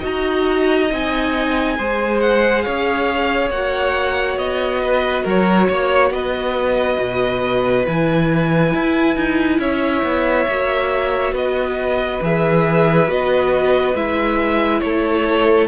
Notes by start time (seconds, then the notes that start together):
0.00 D#4 F#4 D#5 A#5
0.91 C4 D#4 G#5
1.77 G#3 G#4 C5
2.20 F#5
2.62 C#4 C#5 F5
3.50 A#3 F#4 F#5
4.37 B3 D#5
4.82 B4
5.23 F#3 A#4 C#5
5.68 A#3 C#5
6.10 B3 B4 D#5
6.99 B2
7.86 E3 E4 G#5
8.74 E4
9.16 D#4
9.59 C#4 C#5 E5
10.03 B3
10.48 A#3 F#4
11.32 B3 B4 D#5
12.21 E3 G#4 E5
13.07 B3 F#4 D#5
13.94 G#3 E4 E5
14.80 A3 A4 C#5